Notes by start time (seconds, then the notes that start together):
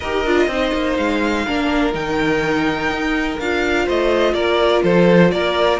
0.00 D#4 G4 A#4 D#5
0.25 D4 F4
0.47 C4 D#4 C5
0.73 A#3
0.96 G#3 F5
1.46 A#3 D4 A#4
1.92 D#3 D#4 G5
2.90 D#4
3.39 D4 F4 F5
3.84 A3 C5 D#5
4.33 A#3 A#4 D5
4.82 F3 A4 C5
5.31 A#3 A#4 D5